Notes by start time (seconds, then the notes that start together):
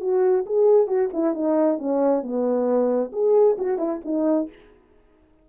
0.00 F#4
0.46 G#4
0.87 F#4
1.13 E4
1.34 D#4
1.78 C#4
2.22 B3
3.12 G#4
3.58 F#4
3.78 E4
4.04 D#4